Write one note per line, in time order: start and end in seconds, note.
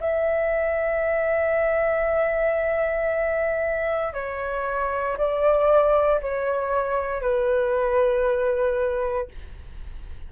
0.00 4.13 E5
4.13 5.17 C#5
5.17 6.21 D5
6.21 7.21 C#5
7.21 9.28 B4